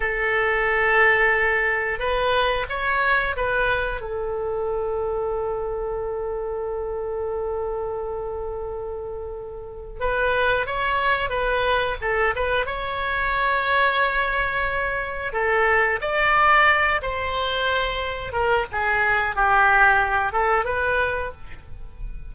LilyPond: \new Staff \with { instrumentName = "oboe" } { \time 4/4 \tempo 4 = 90 a'2. b'4 | cis''4 b'4 a'2~ | a'1~ | a'2. b'4 |
cis''4 b'4 a'8 b'8 cis''4~ | cis''2. a'4 | d''4. c''2 ais'8 | gis'4 g'4. a'8 b'4 | }